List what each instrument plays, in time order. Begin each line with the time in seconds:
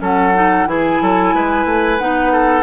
0.00 bassoon F#3, clarinet C#4, oboe A4, flute F#5
0.35 clarinet D#4
0.66 bassoon E3, clarinet E4, oboe G#4, flute G#5
1.02 bassoon F#3, oboe A4
1.35 bassoon G#3, oboe B4
1.66 bassoon A3
2.00 bassoon B3, clarinet D#4, flute F#5
2.33 oboe A4